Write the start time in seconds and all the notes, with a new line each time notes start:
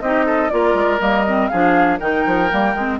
0.00 C4 D#4 G4 D#5
0.25 A4
0.49 A#3 F4 A#4 D5
0.74 G#3
0.99 G3 A#3 D#5
1.27 C4
1.47 F3 D4 G#4 F5
1.99 D#3 D#4 A#4 G5
2.26 F3
2.50 G3 A#3
2.75 G#3 C4